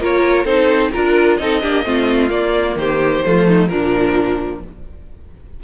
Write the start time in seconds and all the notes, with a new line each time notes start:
0.00 A#3 F4 A#4 C#5
0.45 C4 D#4 A4 C5
0.92 D4 F4 A#4
1.37 C4 D#4 A4 D#5
1.62 A#3 D4 G4
1.85 A3 C4 F4
2.30 A#3 D5
2.76 D#3 G4 C5
3.25 F3 A3 F4
3.47 D#4
3.68 A#2 F3 D4 A#4